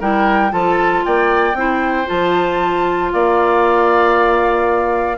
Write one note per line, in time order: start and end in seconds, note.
0.00 0.52 G3
0.00 0.51 E4
0.00 0.52 A#4
0.00 0.53 G5
0.51 1.04 F3
0.51 1.55 F4
0.51 1.05 A4
0.51 1.04 A5
1.05 1.54 A#3
1.05 1.57 D5
1.05 2.09 G5
1.54 2.06 C4
1.54 2.06 E4
1.54 3.13 C5
2.06 3.13 F3
2.06 5.17 F4
2.06 3.12 A5
3.13 5.18 A#3
3.13 5.18 D5
3.13 5.18 F5